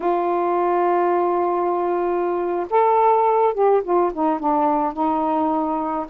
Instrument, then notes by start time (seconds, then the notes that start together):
saxophone
0.00 F4
2.70 A4
3.54 G4
3.83 F4
4.13 D#4
4.39 D4
4.93 D#4